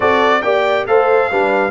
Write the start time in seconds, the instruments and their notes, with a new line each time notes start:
0.00 tuba C4, trombone F#4, horn A4, trumpet D5
0.42 tuba A#3, trombone G4, horn D5, trumpet G5
0.87 tuba A3, trombone A4, horn C5, trumpet F5
1.31 tuba G3, trombone D4, horn B4